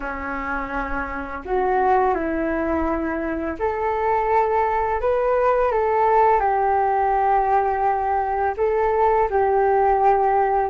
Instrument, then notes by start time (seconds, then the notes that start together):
flute
0.00 C#4
1.45 F#4
2.14 E4
3.59 A4
5.01 B4
5.71 A4
6.40 G4
8.57 A4
9.30 G4